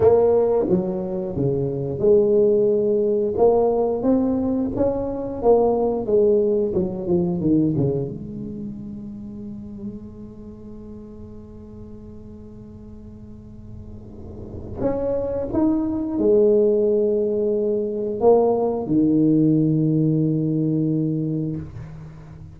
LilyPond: \new Staff \with { instrumentName = "tuba" } { \time 4/4 \tempo 4 = 89 ais4 fis4 cis4 gis4~ | gis4 ais4 c'4 cis'4 | ais4 gis4 fis8 f8 dis8 cis8 | gis1~ |
gis1~ | gis2 cis'4 dis'4 | gis2. ais4 | dis1 | }